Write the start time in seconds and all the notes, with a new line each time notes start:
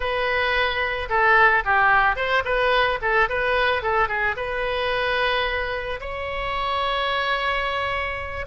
0.00 B4
1.09 A4
1.64 G4
2.15 C5
2.44 B4
3.01 A4
3.29 B4
3.82 A4
4.08 G#4
4.36 B4
6.00 C#5